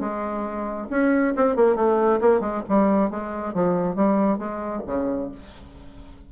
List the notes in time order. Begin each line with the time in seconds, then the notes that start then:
0.00 G#3
0.90 C#4
1.37 C4
1.56 A#3
1.76 A3
2.21 A#3
2.40 G#3
2.69 G3
3.11 G#3
3.54 F3
3.96 G3
4.39 G#3
4.87 C#3